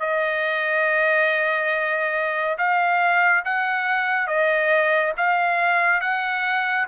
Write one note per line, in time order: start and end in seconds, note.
0.00 2.57 D#5
2.58 3.44 F5
3.45 4.27 F#5
4.27 5.13 D#5
5.17 6.01 F5
6.01 6.86 F#5